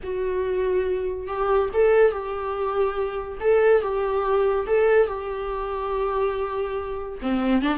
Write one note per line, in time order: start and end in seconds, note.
0.03 1.27 F#4
1.27 1.69 G4
1.73 2.11 A4
2.11 3.38 G4
3.40 3.81 A4
3.81 4.66 G4
4.67 5.07 A4
5.07 7.18 G4
7.22 7.62 C4
7.62 7.77 D4